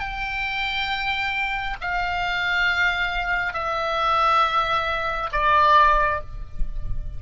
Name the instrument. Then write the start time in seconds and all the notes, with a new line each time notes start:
oboe
0.00 G5
1.81 F5
3.53 E5
5.32 D5